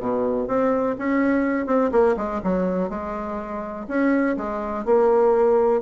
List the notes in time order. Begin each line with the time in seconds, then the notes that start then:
0.00 B2
0.48 C4
0.98 C#4
1.66 C4
1.92 A#3
2.17 G#3
2.44 F#3
2.89 G#3
3.88 C#4
4.37 G#3
4.85 A#3